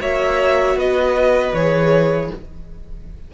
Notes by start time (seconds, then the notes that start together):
0.00 A#3 F#4 C#5 E5
0.75 B3 B4 D#5
1.53 E3 G#4 C#5